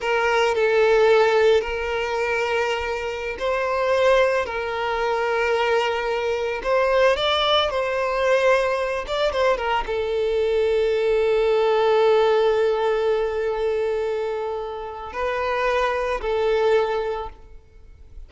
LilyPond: \new Staff \with { instrumentName = "violin" } { \time 4/4 \tempo 4 = 111 ais'4 a'2 ais'4~ | ais'2~ ais'16 c''4.~ c''16~ | c''16 ais'2.~ ais'8.~ | ais'16 c''4 d''4 c''4.~ c''16~ |
c''8. d''8 c''8 ais'8 a'4.~ a'16~ | a'1~ | a'1 | b'2 a'2 | }